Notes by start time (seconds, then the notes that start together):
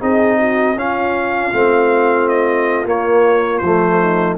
0.00 C4 D#4 G#4 D#5
0.39 F#4
0.76 C#4 F4 F5
1.53 A3 C4
2.29 D#5
2.86 A#3 C#5
3.59 F3 C5
3.65 A3
4.00 D#4